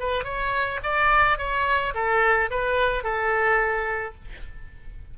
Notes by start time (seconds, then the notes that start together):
0.00 B4
0.24 C#5
0.84 D5
1.38 C#5
1.94 A4
2.51 B4
3.04 A4